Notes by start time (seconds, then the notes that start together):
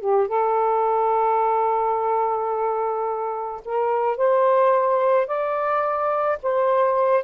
0.00 G4
0.28 A4
3.65 A#4
4.17 C5
5.27 D5
6.43 C5